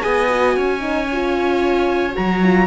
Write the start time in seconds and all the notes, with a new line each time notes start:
0.00 B3 G#4 D#5 G#5
0.27 F#4
0.56 C#4 C#5
0.80 D#4
1.12 F4
2.12 F#3 F#4 A#5
2.42 F4